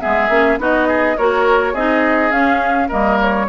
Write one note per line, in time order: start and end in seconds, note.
0.00 0.29 G#3
0.00 0.29 B3
0.00 0.59 G#4
0.00 0.58 E5
0.29 0.58 A#3
0.29 0.59 C#4
0.58 1.16 B3
0.58 1.17 D#4
0.58 0.88 F#4
0.58 1.17 D#5
0.88 1.16 G#4
1.17 1.74 A#3
1.17 1.76 F#4
1.17 1.73 A#4
1.17 1.75 C#5
1.73 2.31 C4
1.73 2.31 D#4
1.73 2.88 G#4
1.73 2.31 D#5
2.31 2.89 C#4
2.31 2.89 F5
2.88 3.49 G3
2.88 3.47 A#3
2.88 3.46 A#4
2.88 3.19 D#5
3.21 3.49 C#5